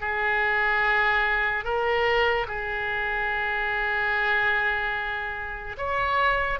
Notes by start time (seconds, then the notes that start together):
0.00 G#4
1.64 A#4
2.47 G#4
5.77 C#5